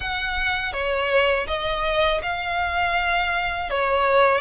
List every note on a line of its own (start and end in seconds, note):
0.00 0.72 F#5
0.72 1.46 C#5
1.46 2.21 D#5
2.22 3.70 F5
3.70 4.41 C#5